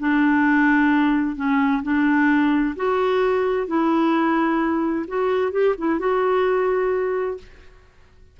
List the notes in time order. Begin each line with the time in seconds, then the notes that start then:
0.00 D4
1.36 C#4
1.83 D4
2.76 F#4
3.67 E4
5.08 F#4
5.52 G4
5.78 E4
5.99 F#4